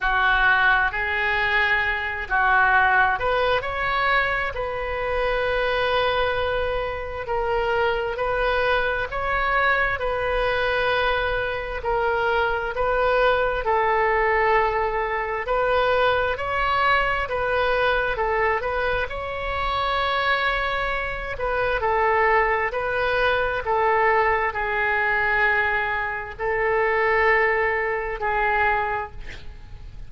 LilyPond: \new Staff \with { instrumentName = "oboe" } { \time 4/4 \tempo 4 = 66 fis'4 gis'4. fis'4 b'8 | cis''4 b'2. | ais'4 b'4 cis''4 b'4~ | b'4 ais'4 b'4 a'4~ |
a'4 b'4 cis''4 b'4 | a'8 b'8 cis''2~ cis''8 b'8 | a'4 b'4 a'4 gis'4~ | gis'4 a'2 gis'4 | }